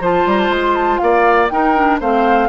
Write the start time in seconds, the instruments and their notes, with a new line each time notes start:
0.00 bassoon F3, clarinet F4, oboe C5, flute A5
0.26 bassoon G3, flute A#5
0.40 flute A5
0.49 bassoon G#3, flute C6
0.76 flute A5
0.98 bassoon A#3, oboe D5, flute F5
1.49 clarinet D#4, bassoon D#4, oboe A#4, flute G5
1.76 clarinet D4
2.00 bassoon A3, clarinet C4, oboe C5, flute F5